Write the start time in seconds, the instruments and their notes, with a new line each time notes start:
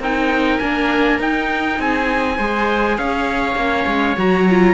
0.00 cello C4, viola D#4, oboe A#4, trumpet G5
0.59 cello A#3, viola D4, trumpet G#5
1.20 cello D#4, viola D#4, trumpet G5
1.79 cello C4, oboe G#4, trumpet G#5
2.38 cello G#3, viola G#4, oboe C5
2.98 cello C#4, oboe C#5, trumpet F5
3.56 cello A#3, viola C#4
3.87 cello G#3
4.18 cello F#3, viola F#4, trumpet A#5
4.50 viola F4